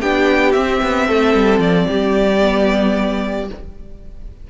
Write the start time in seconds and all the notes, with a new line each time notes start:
0.00 B3 D4 G4 G5
0.52 C4 E5
0.82 B3
1.07 A3 A4
1.35 G3
1.59 F3 D5
1.87 G3 G4
2.41 B3